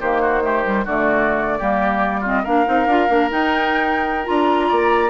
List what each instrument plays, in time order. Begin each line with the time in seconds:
0.00 bassoon D#3, clarinet A#3, oboe G4, flute C5
0.21 oboe F#4
0.42 clarinet A3, oboe G4
0.64 clarinet G3
0.84 bassoon D3, clarinet A3, oboe F#4, flute D5
1.58 bassoon G3, clarinet A#3, oboe G4
2.20 clarinet C4, oboe F4
2.27 flute D#5
2.43 bassoon A#3, clarinet D4, oboe A#4, flute F5
2.65 bassoon C4, clarinet D#4
2.86 bassoon D4, clarinet F4
3.08 bassoon A#3, clarinet D4
3.30 clarinet D#4, bassoon D#4, flute G5
4.24 bassoon D4, clarinet F4, flute A#5
4.68 bassoon A#3, oboe D5